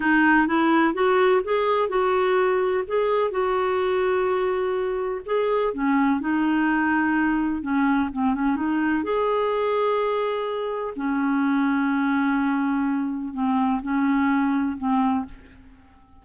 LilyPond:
\new Staff \with { instrumentName = "clarinet" } { \time 4/4 \tempo 4 = 126 dis'4 e'4 fis'4 gis'4 | fis'2 gis'4 fis'4~ | fis'2. gis'4 | cis'4 dis'2. |
cis'4 c'8 cis'8 dis'4 gis'4~ | gis'2. cis'4~ | cis'1 | c'4 cis'2 c'4 | }